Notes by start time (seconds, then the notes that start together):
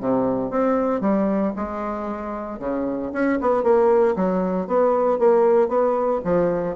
0.00 C3
0.50 C4
1.01 G3
1.56 G#3
2.59 C#3
3.13 C#4
3.41 B3
3.63 A#3
4.16 F#3
4.67 B3
5.19 A#3
5.68 B3
6.24 F3